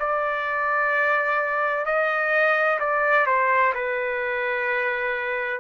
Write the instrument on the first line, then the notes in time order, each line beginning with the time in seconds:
trumpet
0.00 D5
1.86 D#5
2.80 D5
3.26 C5
3.75 B4